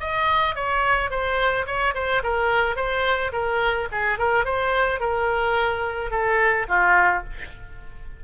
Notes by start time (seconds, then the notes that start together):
0.00 D#5
0.55 C#5
1.10 C5
1.66 C#5
1.94 C5
2.23 A#4
2.76 C5
3.32 A#4
3.92 G#4
4.18 A#4
4.45 C5
5.00 A#4
6.11 A4
6.68 F4